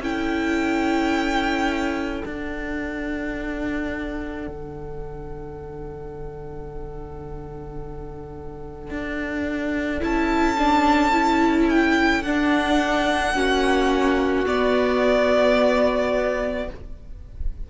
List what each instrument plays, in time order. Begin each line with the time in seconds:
0.00 cello C#4, viola E4, violin A4 G5
2.24 viola D4, cello D4, violin F#5
4.47 cello D3
8.90 cello D4
10.01 cello C#4, viola E4, violin A5
10.58 viola D4
11.12 viola E4
11.69 violin G5
12.22 cello D4, viola D4, violin F#5
13.34 cello A#3, viola C#4, violin F#4
14.46 viola B3, cello B3, violin D5